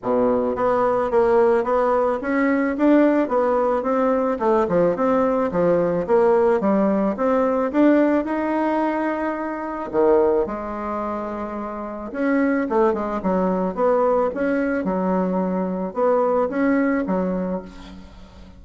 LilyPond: \new Staff \with { instrumentName = "bassoon" } { \time 4/4 \tempo 4 = 109 b,4 b4 ais4 b4 | cis'4 d'4 b4 c'4 | a8 f8 c'4 f4 ais4 | g4 c'4 d'4 dis'4~ |
dis'2 dis4 gis4~ | gis2 cis'4 a8 gis8 | fis4 b4 cis'4 fis4~ | fis4 b4 cis'4 fis4 | }